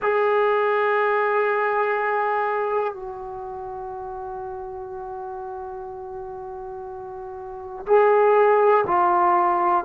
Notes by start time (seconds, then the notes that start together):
0.02 G#4
2.93 F#4
7.86 G#4
8.86 F4